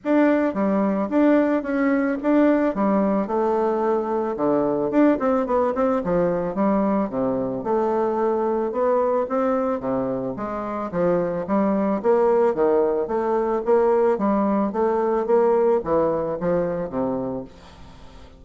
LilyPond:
\new Staff \with { instrumentName = "bassoon" } { \time 4/4 \tempo 4 = 110 d'4 g4 d'4 cis'4 | d'4 g4 a2 | d4 d'8 c'8 b8 c'8 f4 | g4 c4 a2 |
b4 c'4 c4 gis4 | f4 g4 ais4 dis4 | a4 ais4 g4 a4 | ais4 e4 f4 c4 | }